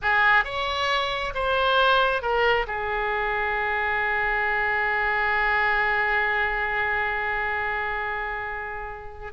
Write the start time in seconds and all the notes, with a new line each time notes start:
0.02 G#4
0.44 C#5
1.34 C5
2.22 A#4
2.67 G#4